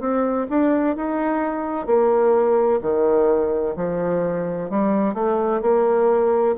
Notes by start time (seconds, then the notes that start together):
0.00 C4
0.50 D4
0.96 D#4
1.86 A#3
2.82 D#3
3.76 F3
4.70 G3
5.14 A3
5.62 A#3